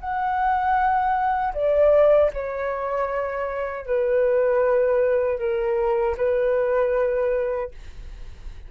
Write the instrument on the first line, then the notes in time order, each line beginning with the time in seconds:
flute
0.00 F#5
1.54 D5
2.33 C#5
3.86 B4
5.39 A#4
6.17 B4